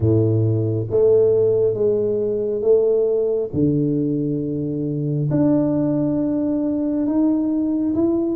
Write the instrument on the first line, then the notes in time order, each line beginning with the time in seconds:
tuba
0.00 A2
0.90 A3
1.74 G#3
2.61 A3
3.53 D3
5.31 D4
7.06 D#4
7.94 E4